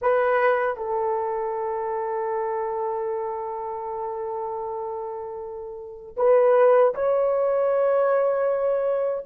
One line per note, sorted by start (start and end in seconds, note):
0.01 0.76 B4
0.76 6.15 A4
6.16 6.93 B4
6.94 9.25 C#5